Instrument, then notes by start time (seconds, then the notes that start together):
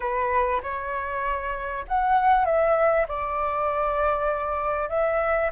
flute
0.00 B4
0.62 C#5
1.88 F#5
2.45 E5
3.08 D5
4.89 E5